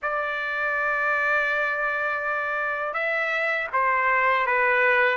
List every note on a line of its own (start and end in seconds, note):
0.02 2.93 D5
2.93 3.67 E5
3.72 4.46 C5
4.46 5.17 B4